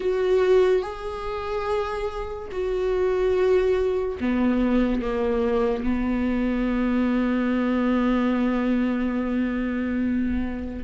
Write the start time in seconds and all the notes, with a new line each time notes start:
0.00 F#4
0.82 G#4
2.51 F#4
4.20 B3
5.01 A#3
5.83 B3